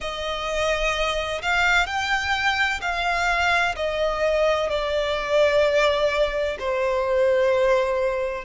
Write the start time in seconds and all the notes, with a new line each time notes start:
0.00 D#5
1.41 F5
1.86 G5
2.81 F5
3.75 D#5
4.69 D5
6.59 C5